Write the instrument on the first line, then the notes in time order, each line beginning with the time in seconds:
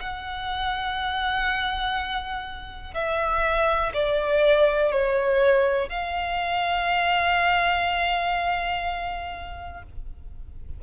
violin
0.00 F#5
2.94 E5
3.93 D5
4.91 C#5
5.89 F5